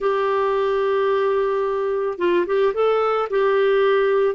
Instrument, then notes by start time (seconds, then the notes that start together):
clarinet
0.00 G4
2.18 F4
2.46 G4
2.73 A4
3.30 G4